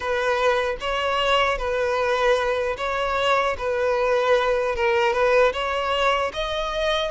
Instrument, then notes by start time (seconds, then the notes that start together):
violin
0.00 B4
0.80 C#5
1.58 B4
2.77 C#5
3.58 B4
4.75 A#4
5.13 B4
5.53 C#5
6.33 D#5